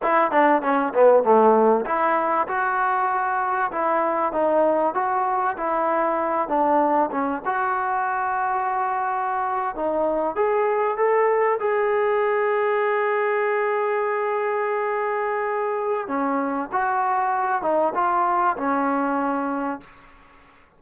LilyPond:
\new Staff \with { instrumentName = "trombone" } { \time 4/4 \tempo 4 = 97 e'8 d'8 cis'8 b8 a4 e'4 | fis'2 e'4 dis'4 | fis'4 e'4. d'4 cis'8 | fis'2.~ fis'8. dis'16~ |
dis'8. gis'4 a'4 gis'4~ gis'16~ | gis'1~ | gis'2 cis'4 fis'4~ | fis'8 dis'8 f'4 cis'2 | }